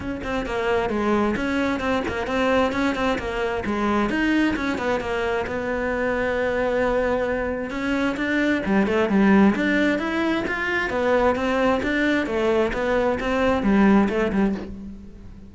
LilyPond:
\new Staff \with { instrumentName = "cello" } { \time 4/4 \tempo 4 = 132 cis'8 c'8 ais4 gis4 cis'4 | c'8 ais8 c'4 cis'8 c'8 ais4 | gis4 dis'4 cis'8 b8 ais4 | b1~ |
b4 cis'4 d'4 g8 a8 | g4 d'4 e'4 f'4 | b4 c'4 d'4 a4 | b4 c'4 g4 a8 g8 | }